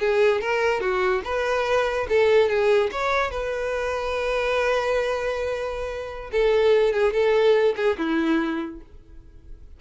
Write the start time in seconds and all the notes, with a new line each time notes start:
0.00 G#4
0.41 A#4
0.81 F#4
1.24 B4
2.09 A4
2.49 G#4
2.92 C#5
3.31 B4
6.32 A4
6.93 G#4
7.13 A4
7.76 G#4
7.98 E4